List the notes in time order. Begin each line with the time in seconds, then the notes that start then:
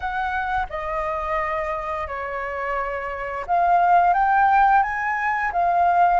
0.00 F#5
0.69 D#5
2.07 C#5
3.46 F5
4.13 G5
4.82 G#5
5.52 F5